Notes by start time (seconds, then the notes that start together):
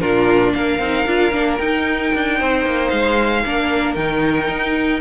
0.00 A#2 D4 F4 A#4
0.53 A#3 A#4 F5
0.79 C4 D#4
1.06 D4 F4
1.32 A#3 D4
1.57 D#4 G5
2.14 D4
2.38 C4 C5
2.65 A#3
2.88 G#3 F5
3.44 A#3 D4 A#4
3.95 D#3 D#4 G5
4.48 D#4